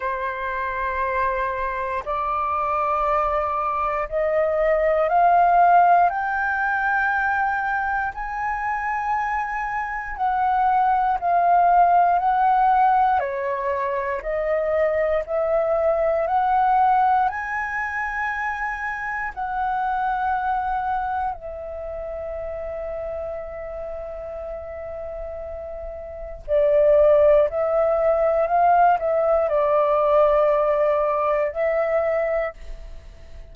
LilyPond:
\new Staff \with { instrumentName = "flute" } { \time 4/4 \tempo 4 = 59 c''2 d''2 | dis''4 f''4 g''2 | gis''2 fis''4 f''4 | fis''4 cis''4 dis''4 e''4 |
fis''4 gis''2 fis''4~ | fis''4 e''2.~ | e''2 d''4 e''4 | f''8 e''8 d''2 e''4 | }